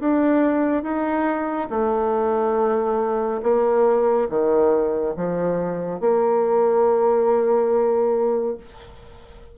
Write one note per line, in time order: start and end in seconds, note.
0.00 0.83 D4
0.83 1.69 D#4
1.70 3.42 A3
3.43 4.29 A#3
4.30 5.16 D#3
5.17 6.00 F3
6.00 8.58 A#3